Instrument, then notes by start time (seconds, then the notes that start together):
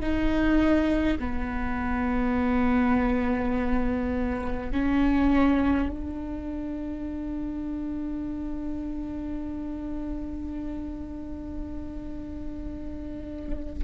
viola
0.00 D#4
1.18 B3
4.71 C#4
5.89 D4